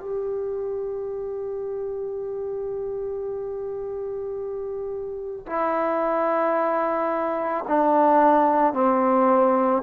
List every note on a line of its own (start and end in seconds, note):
0.00 5.45 G4
5.46 7.65 E4
7.68 8.73 D4
8.73 9.82 C4